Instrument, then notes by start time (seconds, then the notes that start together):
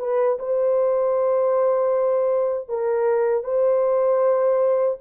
horn
0.00 B4
0.40 C5
2.69 A#4
3.44 C5